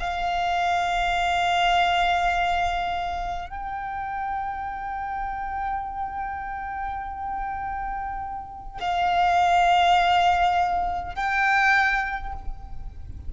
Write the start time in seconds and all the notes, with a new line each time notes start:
0.00 F5
3.50 G5
8.80 F5
11.16 G5